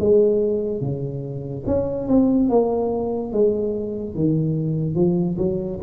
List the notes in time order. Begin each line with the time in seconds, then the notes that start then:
0.00 G#3
0.81 C#3
1.67 C#4
2.08 C4
2.50 A#3
3.33 G#3
4.16 D#3
4.96 F3
5.38 F#3